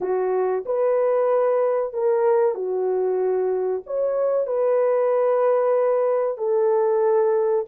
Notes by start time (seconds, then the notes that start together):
0.00 F#4
0.65 B4
1.93 A#4
2.54 F#4
3.86 C#5
4.47 B4
6.37 A4